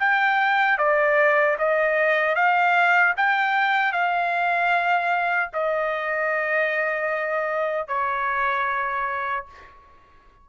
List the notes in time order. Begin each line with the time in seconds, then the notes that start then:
0.00 G5
0.78 D5
1.59 D#5
2.35 F5
3.17 G5
3.93 F5
5.53 D#5
7.88 C#5